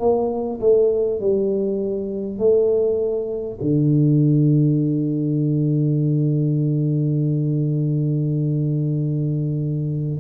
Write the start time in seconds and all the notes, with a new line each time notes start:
0.00 A#3
0.61 A3
1.21 G3
2.39 A3
3.61 D3